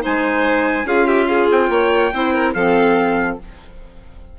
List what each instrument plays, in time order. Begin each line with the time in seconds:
0.00 bassoon G#3, clarinet D#4, violin C5, trumpet G#5
0.84 bassoon C#4, clarinet F4, violin G#4, trumpet F5
1.07 violin G4, trumpet E5
1.27 violin G#4, trumpet F5
1.51 bassoon C4, trumpet G5
1.69 bassoon A#3, violin C#5
2.13 bassoon C4, clarinet E4, violin C5
2.33 violin A#4
2.53 bassoon F3, clarinet C4, violin A4, trumpet F5